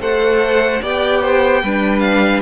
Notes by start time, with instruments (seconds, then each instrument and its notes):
0.00 cello A3, viola A4, violin C5 F#5
0.82 cello B3, viola G4, violin D5 G5
1.21 violin C5
1.62 cello G3, viola D4, violin B4
1.99 violin F5